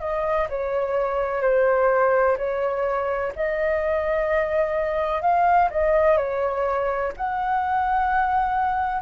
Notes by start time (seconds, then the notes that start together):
0.00 D#5
0.49 C#5
1.42 C5
2.38 C#5
3.36 D#5
5.22 F5
5.71 D#5
6.17 C#5
7.17 F#5